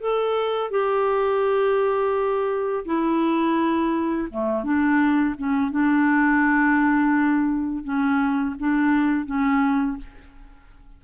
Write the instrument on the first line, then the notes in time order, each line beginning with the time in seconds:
clarinet
0.00 A4
0.70 G4
2.85 E4
4.31 A3
4.63 D4
5.38 C#4
5.71 D4
7.84 C#4
8.59 D4
9.26 C#4